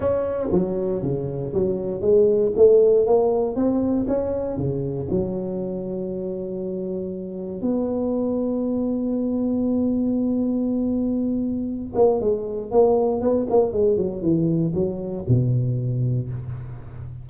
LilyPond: \new Staff \with { instrumentName = "tuba" } { \time 4/4 \tempo 4 = 118 cis'4 fis4 cis4 fis4 | gis4 a4 ais4 c'4 | cis'4 cis4 fis2~ | fis2. b4~ |
b1~ | b2.~ b8 ais8 | gis4 ais4 b8 ais8 gis8 fis8 | e4 fis4 b,2 | }